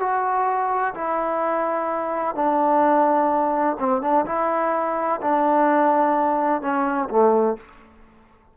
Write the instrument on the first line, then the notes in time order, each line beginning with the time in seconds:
trombone
0.00 F#4
0.95 E4
2.35 D4
3.79 C4
4.02 D4
4.26 E4
5.22 D4
6.62 C#4
7.10 A3